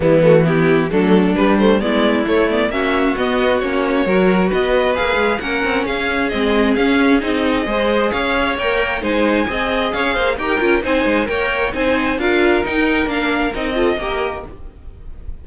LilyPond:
<<
  \new Staff \with { instrumentName = "violin" } { \time 4/4 \tempo 4 = 133 e'8 fis'8 g'4 a'4 b'8 c''8 | d''4 cis''8 d''8 e''4 dis''4 | cis''2 dis''4 f''4 | fis''4 f''4 dis''4 f''4 |
dis''2 f''4 g''4 | gis''2 f''4 g''4 | gis''4 g''4 gis''4 f''4 | g''4 f''4 dis''2 | }
  \new Staff \with { instrumentName = "violin" } { \time 4/4 b4 e'4 d'2 | e'2 fis'2~ | fis'4 ais'4 b'2 | ais'4 gis'2.~ |
gis'4 c''4 cis''2 | c''4 dis''4 cis''8 c''8 ais'4 | c''4 cis''4 c''4 ais'4~ | ais'2~ ais'8 a'8 ais'4 | }
  \new Staff \with { instrumentName = "viola" } { \time 4/4 g8 a8 b4 a4 g8 a8 | b4 a8 b8 cis'4 b4 | cis'4 fis'2 gis'4 | cis'2 c'4 cis'4 |
dis'4 gis'2 ais'4 | dis'4 gis'2 g'8 f'8 | dis'4 ais'4 dis'4 f'4 | dis'4 d'4 dis'8 f'8 g'4 | }
  \new Staff \with { instrumentName = "cello" } { \time 4/4 e2 fis4 g4 | gis4 a4 ais4 b4 | ais4 fis4 b4 ais8 gis8 | ais8 c'8 cis'4 gis4 cis'4 |
c'4 gis4 cis'4 ais4 | gis4 c'4 cis'8 ais8 dis'8 cis'8 | c'8 gis8 ais4 c'4 d'4 | dis'4 ais4 c'4 ais4 | }
>>